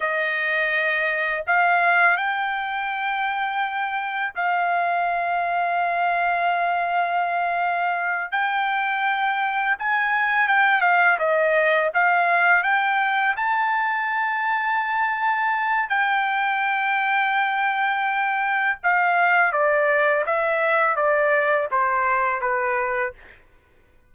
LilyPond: \new Staff \with { instrumentName = "trumpet" } { \time 4/4 \tempo 4 = 83 dis''2 f''4 g''4~ | g''2 f''2~ | f''2.~ f''8 g''8~ | g''4. gis''4 g''8 f''8 dis''8~ |
dis''8 f''4 g''4 a''4.~ | a''2 g''2~ | g''2 f''4 d''4 | e''4 d''4 c''4 b'4 | }